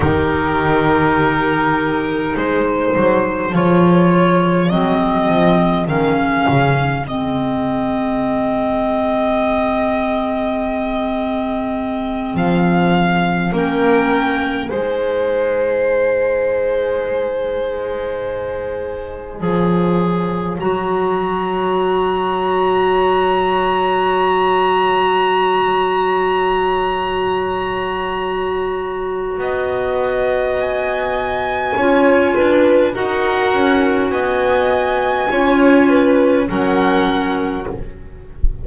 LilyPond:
<<
  \new Staff \with { instrumentName = "violin" } { \time 4/4 \tempo 4 = 51 ais'2 c''4 cis''4 | dis''4 f''4 dis''2~ | dis''2~ dis''8 f''4 g''8~ | g''8 gis''2.~ gis''8~ |
gis''4. ais''2~ ais''8~ | ais''1~ | ais''2 gis''2 | fis''4 gis''2 fis''4 | }
  \new Staff \with { instrumentName = "violin" } { \time 4/4 g'2 gis'2~ | gis'1~ | gis'2.~ gis'8 ais'8~ | ais'8 c''2.~ c''8~ |
c''8 cis''2.~ cis''8~ | cis''1~ | cis''4 dis''2 cis''8 b'8 | ais'4 dis''4 cis''8 b'8 ais'4 | }
  \new Staff \with { instrumentName = "clarinet" } { \time 4/4 dis'2. f'4 | c'4 cis'4 c'2~ | c'2.~ c'8 cis'8~ | cis'8 dis'2.~ dis'8~ |
dis'8 gis'4 fis'2~ fis'8~ | fis'1~ | fis'2. f'4 | fis'2 f'4 cis'4 | }
  \new Staff \with { instrumentName = "double bass" } { \time 4/4 dis2 gis8 fis8 f4 | fis8 f8 dis8 cis8 gis2~ | gis2~ gis8 f4 ais8~ | ais8 gis2.~ gis8~ |
gis8 f4 fis2~ fis8~ | fis1~ | fis4 b2 cis'8 d'8 | dis'8 cis'8 b4 cis'4 fis4 | }
>>